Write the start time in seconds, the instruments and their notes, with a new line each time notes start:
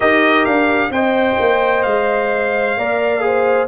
0.00 tuba D#4, trombone G4, horn A#4, trumpet D#5
0.45 tuba D4, trumpet F5
0.90 tuba C4, trombone C5, horn D#5, trumpet G5
1.39 tuba A#3
1.82 tuba G#3, trumpet F5
2.77 tuba A#3, trombone A#4, horn D5
3.20 trombone G#4, horn C5